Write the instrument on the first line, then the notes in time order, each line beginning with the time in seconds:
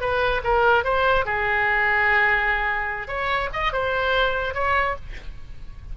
oboe
0.00 B4
0.43 A#4
0.84 C5
1.25 G#4
3.07 C#5
3.52 D#5
3.72 C5
4.54 C#5